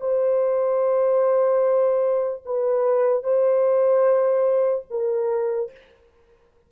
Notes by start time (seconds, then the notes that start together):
0.00 C5
2.45 B4
3.23 C5
4.90 A#4